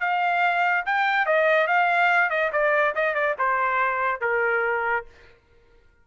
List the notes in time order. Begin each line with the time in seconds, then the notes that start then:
0.00 F5
0.86 G5
1.26 D#5
1.67 F5
2.30 D#5
2.52 D5
2.95 D#5
3.15 D5
3.39 C5
4.21 A#4